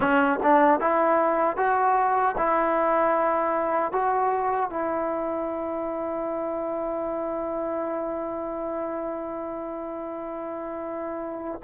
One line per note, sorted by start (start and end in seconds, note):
0.00 0.39 C#4
0.42 0.80 D4
0.80 1.56 E4
1.56 2.35 F#4
2.37 3.92 E4
3.92 4.70 F#4
4.70 11.61 E4